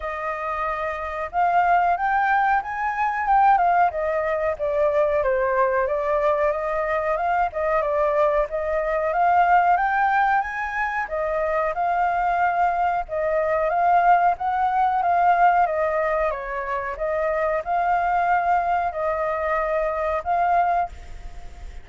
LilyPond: \new Staff \with { instrumentName = "flute" } { \time 4/4 \tempo 4 = 92 dis''2 f''4 g''4 | gis''4 g''8 f''8 dis''4 d''4 | c''4 d''4 dis''4 f''8 dis''8 | d''4 dis''4 f''4 g''4 |
gis''4 dis''4 f''2 | dis''4 f''4 fis''4 f''4 | dis''4 cis''4 dis''4 f''4~ | f''4 dis''2 f''4 | }